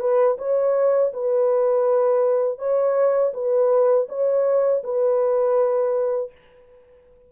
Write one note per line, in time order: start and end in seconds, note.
0.00 0.37 B4
0.38 1.12 C#5
1.13 2.58 B4
2.58 3.32 C#5
3.33 4.07 B4
4.08 4.82 C#5
4.84 6.32 B4